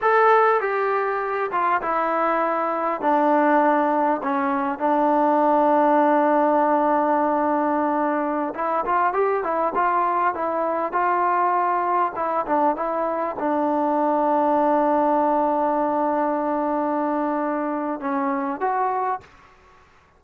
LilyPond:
\new Staff \with { instrumentName = "trombone" } { \time 4/4 \tempo 4 = 100 a'4 g'4. f'8 e'4~ | e'4 d'2 cis'4 | d'1~ | d'2~ d'16 e'8 f'8 g'8 e'16~ |
e'16 f'4 e'4 f'4.~ f'16~ | f'16 e'8 d'8 e'4 d'4.~ d'16~ | d'1~ | d'2 cis'4 fis'4 | }